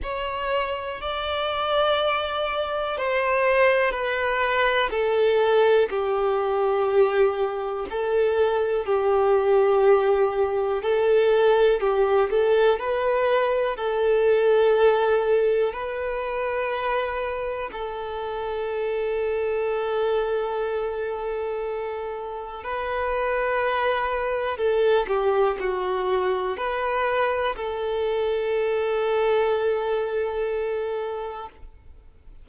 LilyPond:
\new Staff \with { instrumentName = "violin" } { \time 4/4 \tempo 4 = 61 cis''4 d''2 c''4 | b'4 a'4 g'2 | a'4 g'2 a'4 | g'8 a'8 b'4 a'2 |
b'2 a'2~ | a'2. b'4~ | b'4 a'8 g'8 fis'4 b'4 | a'1 | }